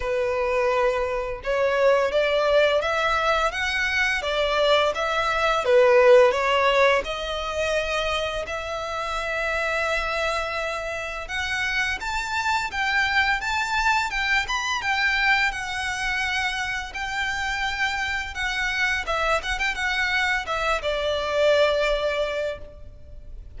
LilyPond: \new Staff \with { instrumentName = "violin" } { \time 4/4 \tempo 4 = 85 b'2 cis''4 d''4 | e''4 fis''4 d''4 e''4 | b'4 cis''4 dis''2 | e''1 |
fis''4 a''4 g''4 a''4 | g''8 b''8 g''4 fis''2 | g''2 fis''4 e''8 fis''16 g''16 | fis''4 e''8 d''2~ d''8 | }